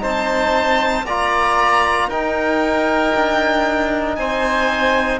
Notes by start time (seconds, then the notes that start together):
0.00 C4 D#4 C5 A5
1.05 A#3 F4 D5 A#5
2.07 D#4 A#4 G5
3.15 D4
4.15 C4 C5 G#5